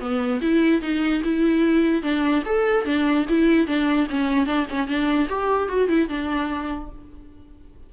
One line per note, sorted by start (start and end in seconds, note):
0.00 0.41 B3
0.41 0.81 E4
0.81 1.22 D#4
1.23 2.02 E4
2.02 2.43 D4
2.45 2.85 A4
2.85 3.25 D4
3.29 3.67 E4
3.67 4.07 D4
4.10 4.46 C#4
4.46 4.66 D4
4.70 4.87 C#4
4.87 5.28 D4
5.29 5.68 G4
5.68 5.88 F#4
5.88 6.08 E4
6.08 6.90 D4